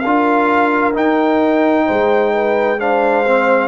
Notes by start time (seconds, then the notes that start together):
0.00 D4 A#4 F5
0.06 F4
0.94 D#4 G5
1.86 G#3 C5
2.33 B4
2.79 D4 C5 F5
3.27 C4